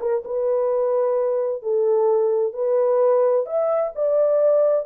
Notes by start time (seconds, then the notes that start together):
0.00 A#4
0.25 B4
1.62 A4
2.53 B4
3.46 E5
3.95 D5